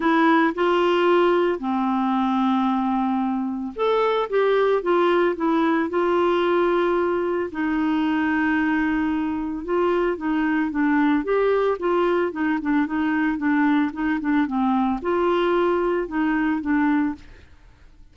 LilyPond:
\new Staff \with { instrumentName = "clarinet" } { \time 4/4 \tempo 4 = 112 e'4 f'2 c'4~ | c'2. a'4 | g'4 f'4 e'4 f'4~ | f'2 dis'2~ |
dis'2 f'4 dis'4 | d'4 g'4 f'4 dis'8 d'8 | dis'4 d'4 dis'8 d'8 c'4 | f'2 dis'4 d'4 | }